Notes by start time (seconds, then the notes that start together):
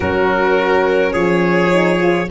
0.00 F#3 C#4 F#4 A#4
1.12 F3 G#4 C#5
1.71 D#4
2.01 F4